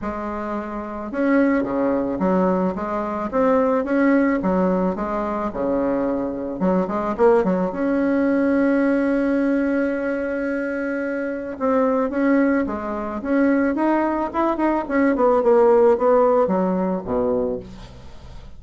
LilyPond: \new Staff \with { instrumentName = "bassoon" } { \time 4/4 \tempo 4 = 109 gis2 cis'4 cis4 | fis4 gis4 c'4 cis'4 | fis4 gis4 cis2 | fis8 gis8 ais8 fis8 cis'2~ |
cis'1~ | cis'4 c'4 cis'4 gis4 | cis'4 dis'4 e'8 dis'8 cis'8 b8 | ais4 b4 fis4 b,4 | }